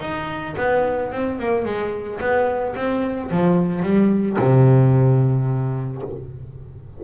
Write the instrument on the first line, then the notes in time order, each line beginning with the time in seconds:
double bass
0.00 D#4
0.57 B3
1.12 C4
1.39 A#3
1.65 G#3
2.20 B3
2.75 C4
3.30 F3
3.82 G3
4.38 C3